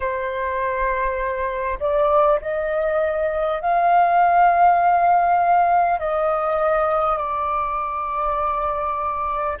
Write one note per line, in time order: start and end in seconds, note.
0.00 1.78 C5
1.79 2.39 D5
2.41 3.61 D#5
3.61 5.99 F5
5.99 7.17 D#5
7.17 9.57 D5